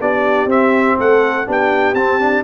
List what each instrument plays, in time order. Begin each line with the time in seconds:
0.00 tuba B3, trombone D4, horn G4, trumpet D5
0.45 tuba C4, trombone C4, trumpet E5
0.97 tuba A3, horn A4, trumpet F#5
1.46 tuba B3, trombone D4, horn G4, trumpet G5
1.93 tuba C4, trombone C4, trumpet A5
2.20 trombone D4